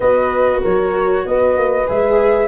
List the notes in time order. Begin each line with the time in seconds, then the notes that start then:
0.00 B3 F#4 B4 D#5
0.61 F#3 A#4 C#5
1.25 B3 B4 D#5
1.56 A#3
1.86 G#3 G#4 E5